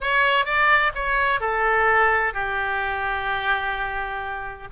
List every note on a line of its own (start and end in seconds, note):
0.00 0.45 C#5
0.45 0.92 D5
0.95 1.40 C#5
1.40 2.33 A4
2.33 4.68 G4